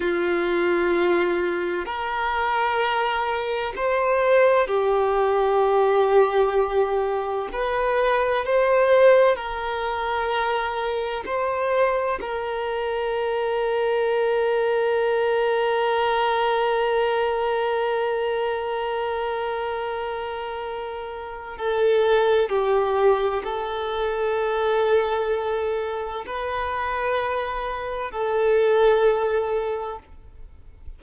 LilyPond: \new Staff \with { instrumentName = "violin" } { \time 4/4 \tempo 4 = 64 f'2 ais'2 | c''4 g'2. | b'4 c''4 ais'2 | c''4 ais'2.~ |
ais'1~ | ais'2. a'4 | g'4 a'2. | b'2 a'2 | }